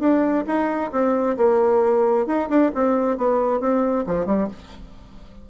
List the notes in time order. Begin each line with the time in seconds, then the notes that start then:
0.00 D4
0.47 D#4
0.92 C4
1.37 A#3
2.27 D#4
2.49 D4
2.75 C4
3.18 B3
3.60 C4
4.07 F3
4.26 G3